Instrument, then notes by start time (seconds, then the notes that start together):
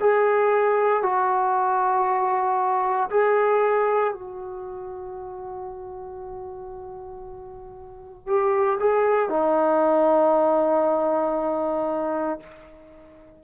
trombone
0.00 G#4
1.02 F#4
3.10 G#4
4.13 F#4
8.27 G4
8.79 G#4
9.29 D#4